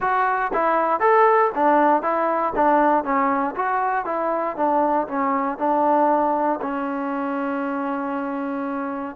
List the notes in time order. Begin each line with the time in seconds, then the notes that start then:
0.00 F#4
0.53 E4
1.00 A4
1.54 D4
2.02 E4
2.55 D4
3.04 C#4
3.55 F#4
4.05 E4
4.56 D4
5.07 C#4
5.58 D4
6.61 C#4